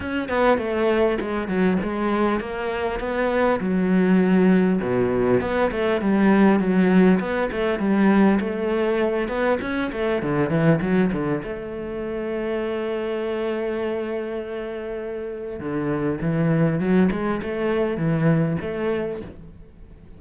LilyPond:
\new Staff \with { instrumentName = "cello" } { \time 4/4 \tempo 4 = 100 cis'8 b8 a4 gis8 fis8 gis4 | ais4 b4 fis2 | b,4 b8 a8 g4 fis4 | b8 a8 g4 a4. b8 |
cis'8 a8 d8 e8 fis8 d8 a4~ | a1~ | a2 d4 e4 | fis8 gis8 a4 e4 a4 | }